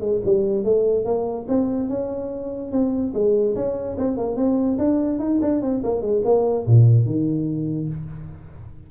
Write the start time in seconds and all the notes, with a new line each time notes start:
0.00 G#3
0.25 G3
0.64 A3
1.05 A#3
1.48 C4
1.89 C#4
2.71 C4
3.13 G#3
3.55 C#4
3.97 C4
4.17 A#3
4.36 C4
4.78 D4
5.19 D#4
5.41 D4
5.62 C4
5.83 A#3
6.01 G#3
6.24 A#3
6.66 A#2
7.05 D#3